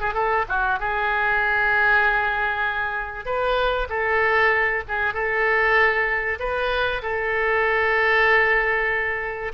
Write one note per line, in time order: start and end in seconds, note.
0.00 0.13 G#4
0.13 0.45 A4
0.48 0.79 F#4
0.79 3.25 G#4
3.25 3.88 B4
3.89 4.83 A4
4.88 5.13 G#4
5.13 6.38 A4
6.39 7.01 B4
7.02 9.52 A4